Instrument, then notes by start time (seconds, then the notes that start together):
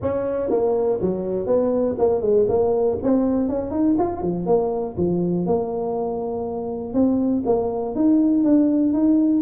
tuba
0.02 C#4
0.50 A#3
1.01 F#3
1.46 B3
1.98 A#3
2.21 G#3
2.48 A#3
3.02 C4
3.48 C#4
3.70 D#4
3.98 F4
4.21 F3
4.46 A#3
4.97 F3
5.46 A#3
6.93 C4
7.45 A#3
7.95 D#4
8.44 D4
8.93 D#4